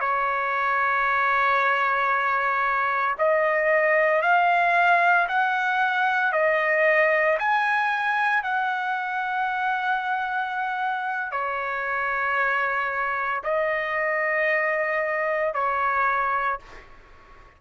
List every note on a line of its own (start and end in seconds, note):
0.00 3.16 C#5
3.18 4.22 D#5
4.22 5.27 F5
5.28 6.33 F#5
6.33 7.38 D#5
7.39 8.43 G#5
8.43 11.32 F#5
11.32 13.42 C#5
13.44 15.54 D#5
15.54 16.59 C#5